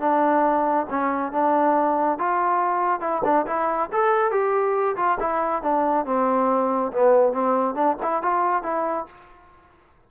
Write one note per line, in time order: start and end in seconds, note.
0.00 0.86 D4
0.90 1.32 C#4
1.32 2.18 D4
2.18 3.01 F4
3.01 3.22 E4
3.25 3.46 D4
3.46 3.89 E4
3.93 4.31 A4
4.31 4.96 G4
4.96 5.18 F4
5.20 5.62 E4
5.62 6.05 D4
6.05 6.92 C4
6.92 7.33 B3
7.33 7.75 C4
7.75 7.96 D4
8.02 8.22 E4
8.22 8.63 F4
8.63 9.06 E4